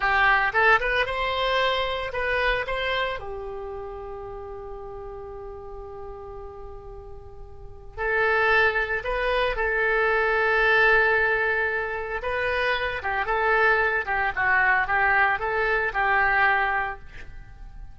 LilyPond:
\new Staff \with { instrumentName = "oboe" } { \time 4/4 \tempo 4 = 113 g'4 a'8 b'8 c''2 | b'4 c''4 g'2~ | g'1~ | g'2. a'4~ |
a'4 b'4 a'2~ | a'2. b'4~ | b'8 g'8 a'4. g'8 fis'4 | g'4 a'4 g'2 | }